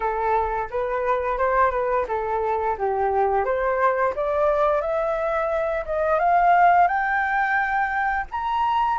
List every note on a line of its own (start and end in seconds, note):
0.00 0.68 A4
0.70 1.38 B4
1.38 1.71 C5
1.71 2.05 B4
2.08 2.76 A4
2.77 3.45 G4
3.45 4.13 C5
4.15 4.81 D5
4.81 5.84 E5
5.85 6.19 D#5
6.19 6.87 F5
6.87 8.25 G5
8.31 8.98 A#5